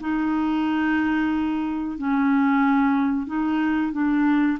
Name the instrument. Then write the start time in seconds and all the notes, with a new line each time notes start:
clarinet
0.00 D#4
1.98 C#4
3.26 D#4
3.92 D4